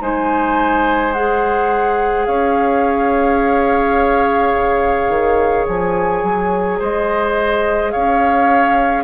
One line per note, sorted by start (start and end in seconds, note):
0.00 2.27 G#3
0.00 1.13 D#4
0.00 2.27 C5
0.00 1.13 G#5
1.13 9.04 G#4
1.13 2.26 F#5
2.26 4.53 C#4
2.26 6.79 C#5
2.26 5.66 F5
4.55 5.09 C#3
5.09 5.66 D#3
5.67 6.23 F3
5.67 6.80 G#5
6.23 6.79 F#3
6.79 7.94 G#3
6.79 7.92 C5
6.79 7.91 D#5
7.91 9.04 C#4
7.91 9.04 C#5
7.91 9.04 F5